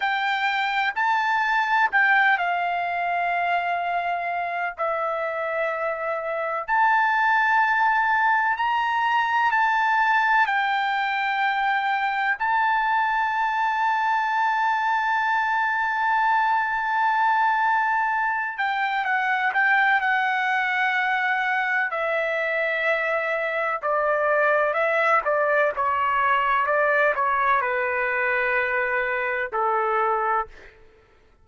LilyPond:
\new Staff \with { instrumentName = "trumpet" } { \time 4/4 \tempo 4 = 63 g''4 a''4 g''8 f''4.~ | f''4 e''2 a''4~ | a''4 ais''4 a''4 g''4~ | g''4 a''2.~ |
a''2.~ a''8 g''8 | fis''8 g''8 fis''2 e''4~ | e''4 d''4 e''8 d''8 cis''4 | d''8 cis''8 b'2 a'4 | }